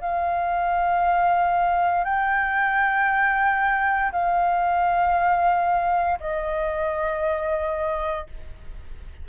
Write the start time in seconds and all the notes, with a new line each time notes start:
0.00 F5
2.05 G5
4.12 F5
6.20 D#5